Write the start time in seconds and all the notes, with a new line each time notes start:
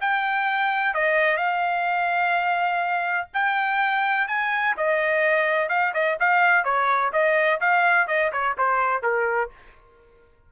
0.00 G5
0.94 D#5
1.37 F5
3.33 G5
4.27 G#5
4.77 D#5
5.69 F5
5.94 D#5
6.19 F5
6.64 C#5
7.12 D#5
7.60 F5
8.07 D#5
8.32 C#5
8.58 C5
9.02 A#4